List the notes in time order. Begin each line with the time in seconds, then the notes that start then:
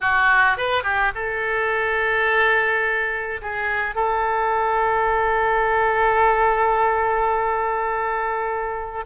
0.00 F#4
0.57 B4
0.83 G4
1.14 A4
3.41 G#4
3.95 A4